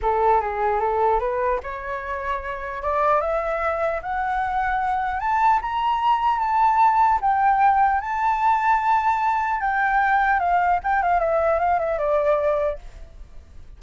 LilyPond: \new Staff \with { instrumentName = "flute" } { \time 4/4 \tempo 4 = 150 a'4 gis'4 a'4 b'4 | cis''2. d''4 | e''2 fis''2~ | fis''4 a''4 ais''2 |
a''2 g''2 | a''1 | g''2 f''4 g''8 f''8 | e''4 f''8 e''8 d''2 | }